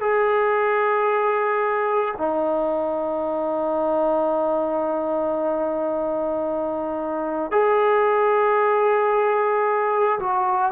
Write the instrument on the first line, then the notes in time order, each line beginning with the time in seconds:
trombone
0.00 G#4
2.18 D#4
7.51 G#4
10.19 F#4